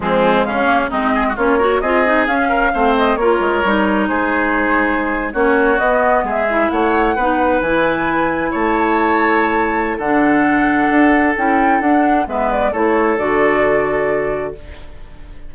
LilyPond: <<
  \new Staff \with { instrumentName = "flute" } { \time 4/4 \tempo 4 = 132 gis'4 f''4 dis''4 cis''4 | dis''4 f''4. dis''8 cis''4~ | cis''4 c''2~ c''8. cis''16~ | cis''8. dis''4 e''4 fis''4~ fis''16~ |
fis''8. gis''2 a''4~ a''16~ | a''2 fis''2~ | fis''4 g''4 fis''4 e''8 d''8 | cis''4 d''2. | }
  \new Staff \with { instrumentName = "oboe" } { \time 4/4 c'4 cis'4 dis'8 gis'16 fis'16 f'8 ais'8 | gis'4. ais'8 c''4 ais'4~ | ais'4 gis'2~ gis'8. fis'16~ | fis'4.~ fis'16 gis'4 cis''4 b'16~ |
b'2~ b'8. cis''4~ cis''16~ | cis''2 a'2~ | a'2. b'4 | a'1 | }
  \new Staff \with { instrumentName = "clarinet" } { \time 4/4 gis4. ais8 c'4 cis'8 fis'8 | f'8 dis'8 cis'4 c'4 f'4 | dis'2.~ dis'8. cis'16~ | cis'8. b4. e'4. dis'16~ |
dis'8. e'2.~ e'16~ | e'2 d'2~ | d'4 e'4 d'4 b4 | e'4 fis'2. | }
  \new Staff \with { instrumentName = "bassoon" } { \time 4/4 f4 cis4 gis4 ais4 | c'4 cis'4 a4 ais8 gis8 | g4 gis2~ gis8. ais16~ | ais8. b4 gis4 a4 b16~ |
b8. e2 a4~ a16~ | a2 d2 | d'4 cis'4 d'4 gis4 | a4 d2. | }
>>